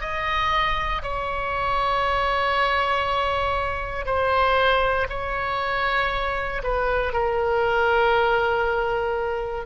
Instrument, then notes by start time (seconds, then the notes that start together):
oboe
0.00 D#5
1.02 C#5
4.05 C5
5.09 C#5
6.63 B4
7.12 A#4